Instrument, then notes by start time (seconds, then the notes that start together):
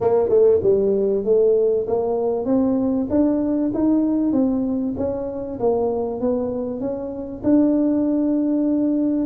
tuba
0.01 A#3
0.29 A3
0.62 G3
1.24 A3
1.87 A#3
2.45 C4
3.10 D4
3.74 D#4
4.32 C4
4.97 C#4
5.59 A#3
6.20 B3
6.80 C#4
7.43 D4